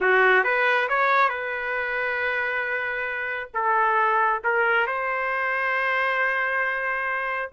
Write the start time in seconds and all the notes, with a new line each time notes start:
0.00 F#4
0.44 B4
0.88 C#5
1.29 B4
3.54 A4
4.44 A#4
4.86 C5